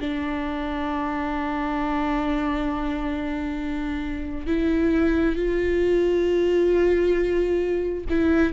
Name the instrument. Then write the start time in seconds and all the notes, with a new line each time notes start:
viola
0.00 D4
4.47 E4
5.35 F4
8.09 E4